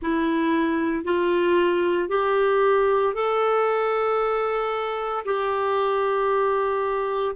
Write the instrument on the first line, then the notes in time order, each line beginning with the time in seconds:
clarinet
0.02 E4
1.04 F4
2.09 G4
3.13 A4
5.25 G4